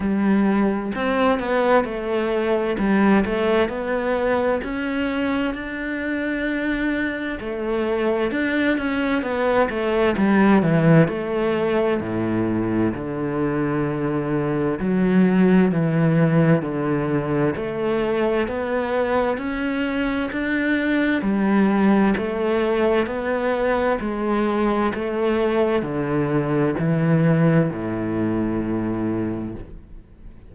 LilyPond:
\new Staff \with { instrumentName = "cello" } { \time 4/4 \tempo 4 = 65 g4 c'8 b8 a4 g8 a8 | b4 cis'4 d'2 | a4 d'8 cis'8 b8 a8 g8 e8 | a4 a,4 d2 |
fis4 e4 d4 a4 | b4 cis'4 d'4 g4 | a4 b4 gis4 a4 | d4 e4 a,2 | }